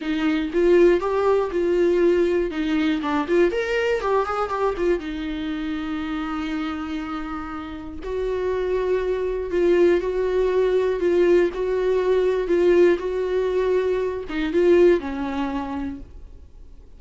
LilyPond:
\new Staff \with { instrumentName = "viola" } { \time 4/4 \tempo 4 = 120 dis'4 f'4 g'4 f'4~ | f'4 dis'4 d'8 f'8 ais'4 | g'8 gis'8 g'8 f'8 dis'2~ | dis'1 |
fis'2. f'4 | fis'2 f'4 fis'4~ | fis'4 f'4 fis'2~ | fis'8 dis'8 f'4 cis'2 | }